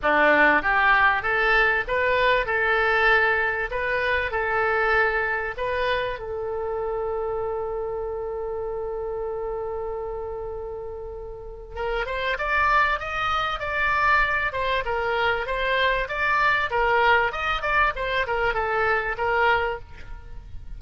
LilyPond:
\new Staff \with { instrumentName = "oboe" } { \time 4/4 \tempo 4 = 97 d'4 g'4 a'4 b'4 | a'2 b'4 a'4~ | a'4 b'4 a'2~ | a'1~ |
a'2. ais'8 c''8 | d''4 dis''4 d''4. c''8 | ais'4 c''4 d''4 ais'4 | dis''8 d''8 c''8 ais'8 a'4 ais'4 | }